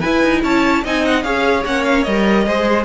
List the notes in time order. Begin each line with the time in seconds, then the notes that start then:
0.00 E4 B4 G#5
0.23 D#4
0.43 C#4 C#5 A5
0.84 C4 D#4 D#5 G#5
1.06 F#5
1.23 C#4 G#4 C#5 F5
1.65 A#3 C#4 F#5
1.84 F5
2.03 G3 A#4 D#5
2.46 G#3 G#4 C5